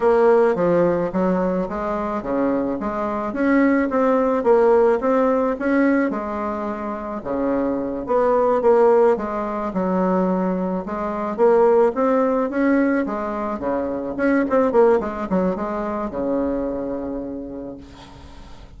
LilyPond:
\new Staff \with { instrumentName = "bassoon" } { \time 4/4 \tempo 4 = 108 ais4 f4 fis4 gis4 | cis4 gis4 cis'4 c'4 | ais4 c'4 cis'4 gis4~ | gis4 cis4. b4 ais8~ |
ais8 gis4 fis2 gis8~ | gis8 ais4 c'4 cis'4 gis8~ | gis8 cis4 cis'8 c'8 ais8 gis8 fis8 | gis4 cis2. | }